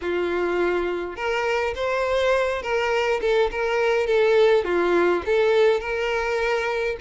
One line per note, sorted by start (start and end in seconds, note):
0.01 1.15 F4
1.15 1.74 A#4
1.75 2.62 C5
2.62 3.20 A#4
3.21 3.50 A4
3.51 4.06 A#4
4.06 4.64 A4
4.64 5.22 F4
5.25 5.80 A4
5.80 6.96 A#4